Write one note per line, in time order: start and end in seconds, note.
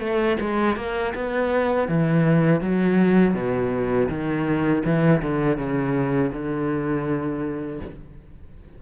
0.00 0.37 A3
0.40 0.76 G#3
0.76 1.13 A#3
1.14 1.88 B3
1.88 2.61 E3
2.61 3.34 F#3
3.34 4.08 B2
4.09 4.83 D#3
4.85 5.22 E3
5.22 5.57 D3
5.57 6.31 C#3
6.33 7.81 D3